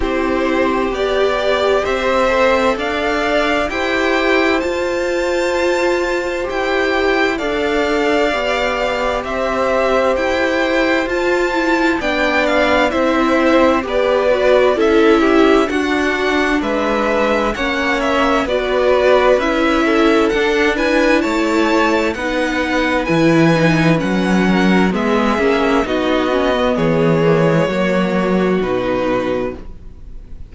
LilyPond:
<<
  \new Staff \with { instrumentName = "violin" } { \time 4/4 \tempo 4 = 65 c''4 d''4 e''4 f''4 | g''4 a''2 g''4 | f''2 e''4 g''4 | a''4 g''8 f''8 e''4 d''4 |
e''4 fis''4 e''4 fis''8 e''8 | d''4 e''4 fis''8 gis''8 a''4 | fis''4 gis''4 fis''4 e''4 | dis''4 cis''2 b'4 | }
  \new Staff \with { instrumentName = "violin" } { \time 4/4 g'2 c''4 d''4 | c''1 | d''2 c''2~ | c''4 d''4 c''4 b'4 |
a'8 g'8 fis'4 b'4 cis''4 | b'4. a'4 b'8 cis''4 | b'2~ b'8 ais'8 gis'4 | fis'4 gis'4 fis'2 | }
  \new Staff \with { instrumentName = "viola" } { \time 4/4 e'4 g'4. a'4. | g'4 f'2 g'4 | a'4 g'2. | f'8 e'8 d'4 e'4 g'8 fis'8 |
e'4 d'2 cis'4 | fis'4 e'4 d'8 e'4. | dis'4 e'8 dis'8 cis'4 b8 cis'8 | dis'8 cis'16 b8. ais16 gis16 ais4 dis'4 | }
  \new Staff \with { instrumentName = "cello" } { \time 4/4 c'4 b4 c'4 d'4 | e'4 f'2 e'4 | d'4 b4 c'4 e'4 | f'4 b4 c'4 b4 |
cis'4 d'4 gis4 ais4 | b4 cis'4 d'4 a4 | b4 e4 fis4 gis8 ais8 | b4 e4 fis4 b,4 | }
>>